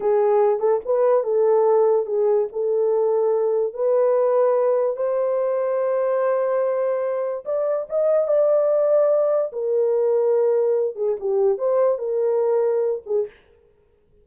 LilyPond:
\new Staff \with { instrumentName = "horn" } { \time 4/4 \tempo 4 = 145 gis'4. a'8 b'4 a'4~ | a'4 gis'4 a'2~ | a'4 b'2. | c''1~ |
c''2 d''4 dis''4 | d''2. ais'4~ | ais'2~ ais'8 gis'8 g'4 | c''4 ais'2~ ais'8 gis'8 | }